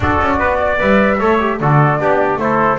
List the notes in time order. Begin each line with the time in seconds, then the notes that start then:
0.00 D4 F#4 A4 D5
0.21 C#4
0.38 B3 B4
0.59 D5
0.78 G3 B4 E5
1.18 A3 A4 C#5
1.40 G4
1.60 D3 F#4 A4 D5
1.99 B3 D4 G4
2.36 A3 E4 C5
2.43 A4